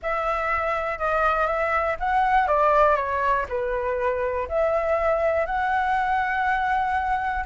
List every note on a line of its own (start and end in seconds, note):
0.02 0.98 E5
0.98 1.47 D#5
1.47 1.96 E5
1.99 2.47 F#5
2.47 2.96 D5
2.96 3.45 C#5
3.48 4.48 B4
4.48 5.46 E5
5.46 7.44 F#5